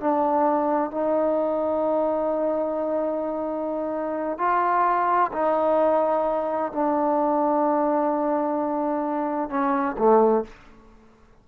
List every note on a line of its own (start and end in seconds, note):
0.00 0.91 D4
0.91 4.38 D#4
4.38 5.31 F4
5.32 6.72 D#4
6.72 9.49 D4
9.49 9.96 C#4
9.98 10.44 A3